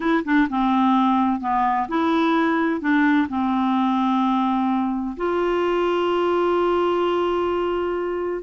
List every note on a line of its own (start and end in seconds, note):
0.00 0.23 E4
0.24 0.48 D4
0.49 1.40 C4
1.40 1.87 B3
1.88 2.80 E4
2.80 3.27 D4
3.28 5.16 C4
5.16 8.43 F4